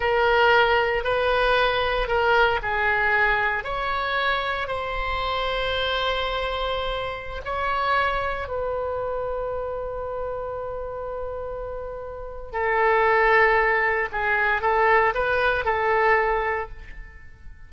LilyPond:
\new Staff \with { instrumentName = "oboe" } { \time 4/4 \tempo 4 = 115 ais'2 b'2 | ais'4 gis'2 cis''4~ | cis''4 c''2.~ | c''2~ c''16 cis''4.~ cis''16~ |
cis''16 b'2.~ b'8.~ | b'1 | a'2. gis'4 | a'4 b'4 a'2 | }